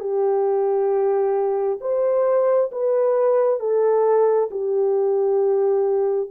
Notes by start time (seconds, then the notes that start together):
0.00 G4
1.81 C5
2.72 B4
3.59 A4
4.51 G4